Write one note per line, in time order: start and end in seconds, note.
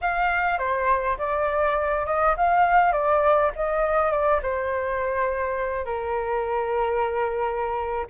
0.01 0.58 F5
0.58 1.17 C5
1.18 2.06 D5
2.06 2.35 D#5
2.36 2.92 F5
2.92 3.51 D5
3.55 4.11 D#5
4.11 4.40 D5
4.42 5.85 C5
5.85 8.06 A#4